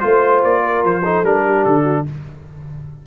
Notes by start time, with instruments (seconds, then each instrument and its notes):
0.00 tuba A3, trombone F4, trumpet C5, horn C5
0.44 tuba A#3, trumpet D5
0.62 horn A#4
0.84 tuba F3, trumpet C5
1.03 trombone D#4, horn A4
1.24 tuba G3, trombone D4, trumpet A#4
1.45 horn G4
1.65 tuba D3, trumpet A4
1.83 horn F#4